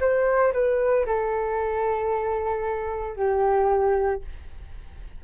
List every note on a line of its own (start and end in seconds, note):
0.00 0.53 C5
0.53 1.05 B4
1.06 3.16 A4
3.16 4.22 G4